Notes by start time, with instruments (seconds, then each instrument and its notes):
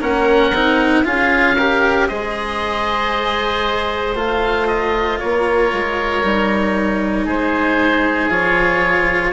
0.00 bassoon A#3, cello C#4, oboe A#4 F#5
0.52 bassoon C4, cello D#4
1.04 bassoon C#4, cello F4, oboe G#4 F5
1.57 cello G4, oboe A#4
2.07 bassoon G#3, cello G#4, oboe C5 D#5
4.14 bassoon A3, cello F4, oboe F5
4.67 oboe D#5
5.19 bassoon A#3, oboe A#4 C#5
5.72 bassoon G#3
6.23 bassoon G3, cello D#4
7.24 bassoon G#3, oboe G#4 C5
8.29 bassoon F3, cello F4, oboe C#5